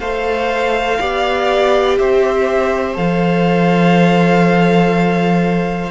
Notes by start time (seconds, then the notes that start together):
0.00 A3 A4 C5 F5
1.00 B3 G4 D5
1.99 C4 C5 E5
2.95 F3 A4 F5